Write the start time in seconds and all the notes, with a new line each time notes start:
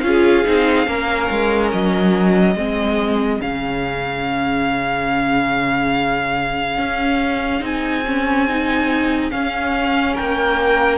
0.00 C#4 F4 F5
0.07 G#4
0.45 C4 D#4
0.87 A#3 C#4 A#4
1.31 G#3
1.72 F#3 D#5
2.55 G#3 C4 G#4
3.41 C#3 C#4 F5
6.78 C#4
7.61 C4 D#4 G#5
8.07 C#4
8.49 D#4
9.31 C#4 F5
10.15 A#3 A#4 G5